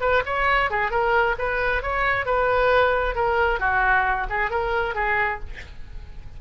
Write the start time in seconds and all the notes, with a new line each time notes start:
0.00 B4
0.25 C#5
0.70 G#4
0.90 A#4
1.38 B4
1.82 C#5
2.25 B4
3.15 A#4
3.59 F#4
4.29 G#4
4.50 A#4
4.95 G#4